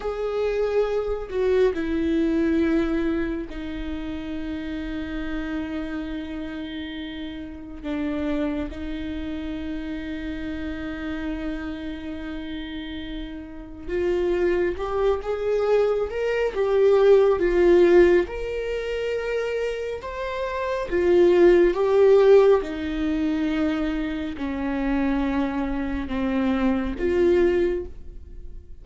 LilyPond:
\new Staff \with { instrumentName = "viola" } { \time 4/4 \tempo 4 = 69 gis'4. fis'8 e'2 | dis'1~ | dis'4 d'4 dis'2~ | dis'1 |
f'4 g'8 gis'4 ais'8 g'4 | f'4 ais'2 c''4 | f'4 g'4 dis'2 | cis'2 c'4 f'4 | }